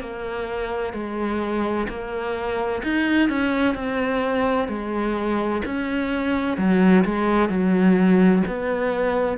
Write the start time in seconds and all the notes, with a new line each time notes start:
0.00 A#3
0.93 G#3
1.88 A#3
2.83 D#4
3.29 C#4
3.74 C4
4.68 G#3
5.65 C#4
6.57 F#3
7.04 G#3
7.49 F#3
8.47 B3